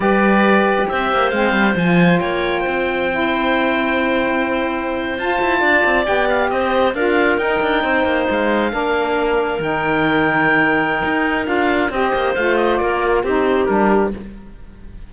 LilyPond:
<<
  \new Staff \with { instrumentName = "oboe" } { \time 4/4 \tempo 4 = 136 d''2 e''4 f''4 | gis''4 g''2.~ | g''2.~ g''8. a''16~ | a''4.~ a''16 g''8 f''8 dis''4 f''16~ |
f''8. g''2 f''4~ f''16~ | f''4.~ f''16 g''2~ g''16~ | g''2 f''4 dis''4 | f''8 dis''8 d''4 c''4 ais'4 | }
  \new Staff \with { instrumentName = "clarinet" } { \time 4/4 b'2 c''2~ | c''4 cis''4 c''2~ | c''1~ | c''8. d''2 c''4 ais'16~ |
ais'4.~ ais'16 c''2 ais'16~ | ais'1~ | ais'2. c''4~ | c''4 ais'4 g'2 | }
  \new Staff \with { instrumentName = "saxophone" } { \time 4/4 g'2. c'4 | f'2. e'4~ | e'2.~ e'8. f'16~ | f'4.~ f'16 g'2 f'16~ |
f'8. dis'2. d'16~ | d'4.~ d'16 dis'2~ dis'16~ | dis'2 f'4 g'4 | f'2 dis'4 d'4 | }
  \new Staff \with { instrumentName = "cello" } { \time 4/4 g2 c'8 ais8 gis8 g8 | f4 ais4 c'2~ | c'2.~ c'8. f'16~ | f'16 e'8 d'8 c'8 b4 c'4 d'16~ |
d'8. dis'8 d'8 c'8 ais8 gis4 ais16~ | ais4.~ ais16 dis2~ dis16~ | dis4 dis'4 d'4 c'8 ais8 | a4 ais4 c'4 g4 | }
>>